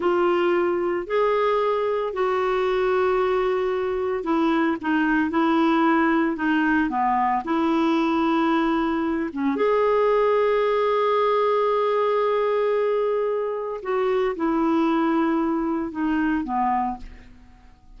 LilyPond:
\new Staff \with { instrumentName = "clarinet" } { \time 4/4 \tempo 4 = 113 f'2 gis'2 | fis'1 | e'4 dis'4 e'2 | dis'4 b4 e'2~ |
e'4. cis'8 gis'2~ | gis'1~ | gis'2 fis'4 e'4~ | e'2 dis'4 b4 | }